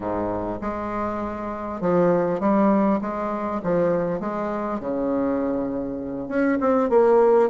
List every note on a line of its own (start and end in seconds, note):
0.00 0.59 G#2
0.61 1.80 G#3
1.80 2.39 F3
2.39 2.99 G3
3.01 3.61 G#3
3.63 4.20 F3
4.20 4.80 G#3
4.80 6.28 C#3
6.28 6.58 C#4
6.60 6.89 C4
6.89 7.49 A#3